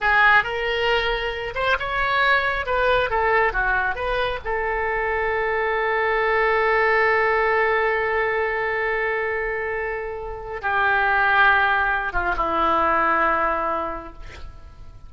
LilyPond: \new Staff \with { instrumentName = "oboe" } { \time 4/4 \tempo 4 = 136 gis'4 ais'2~ ais'8 c''8 | cis''2 b'4 a'4 | fis'4 b'4 a'2~ | a'1~ |
a'1~ | a'1 | g'2.~ g'8 f'8 | e'1 | }